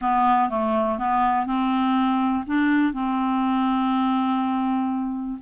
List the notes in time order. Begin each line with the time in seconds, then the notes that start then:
0.01 B3
0.49 A3
0.98 B3
1.46 C4
2.46 D4
2.93 C4